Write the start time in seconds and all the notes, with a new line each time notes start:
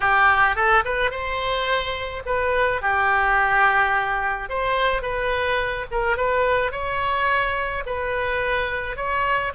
0.00 G4
0.55 A4
0.84 B4
1.10 C5
2.25 B4
2.81 G4
4.49 C5
5.02 B4
5.91 A#4
6.16 B4
6.71 C#5
7.86 B4
8.96 C#5